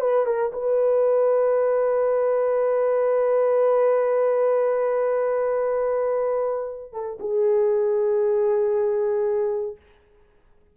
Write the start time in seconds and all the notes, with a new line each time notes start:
0.00 B4
0.26 A#4
0.52 B4
6.92 A4
7.20 G#4